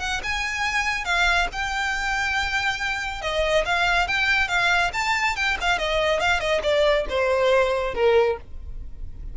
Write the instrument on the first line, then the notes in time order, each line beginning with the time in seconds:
violin
0.00 F#5
0.23 G#5
1.05 F5
1.53 G5
3.22 D#5
3.66 F5
4.08 G5
4.48 F5
4.93 A5
5.36 G5
5.61 F5
5.79 D#5
6.20 F5
6.40 D#5
6.63 D5
7.09 C5
7.95 A#4